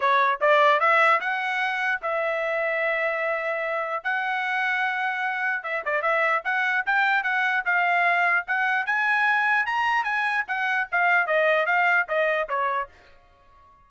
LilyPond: \new Staff \with { instrumentName = "trumpet" } { \time 4/4 \tempo 4 = 149 cis''4 d''4 e''4 fis''4~ | fis''4 e''2.~ | e''2 fis''2~ | fis''2 e''8 d''8 e''4 |
fis''4 g''4 fis''4 f''4~ | f''4 fis''4 gis''2 | ais''4 gis''4 fis''4 f''4 | dis''4 f''4 dis''4 cis''4 | }